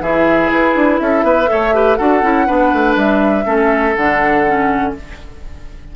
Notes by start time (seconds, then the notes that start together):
0.00 E3 E4 G#4 E5
0.50 E4 B4
0.75 D4
0.99 C#4 A4 E5
1.22 B3 B4
1.46 A3 A4 C#5
1.73 G4 B4
1.95 D4 F#4 A4 F#5
2.22 C#4 E4
2.46 B3 D4 B4
2.72 A3
2.96 G3 E5
3.45 A3 C#4 A4
3.95 D3 D4 F#5
4.46 C#4